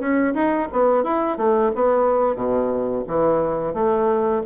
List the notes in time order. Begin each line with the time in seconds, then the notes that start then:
0.00 C#4
0.34 D#4
0.72 B3
1.04 E4
1.38 A3
1.75 B3
2.36 B2
3.07 E3
3.74 A3